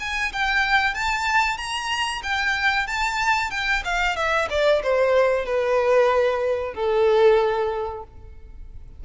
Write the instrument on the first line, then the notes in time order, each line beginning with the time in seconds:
violin
0.00 G#5
0.33 G5
0.94 A5
1.57 A#5
2.23 G5
2.87 A5
3.51 G5
3.85 F5
4.16 E5
4.50 D5
4.83 C5
5.46 B4
6.74 A4